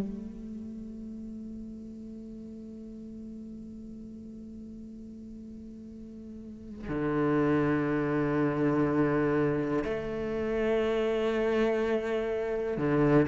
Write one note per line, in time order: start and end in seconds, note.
0.00 6.89 A3
6.89 9.84 D3
9.84 12.77 A3
12.77 13.27 D3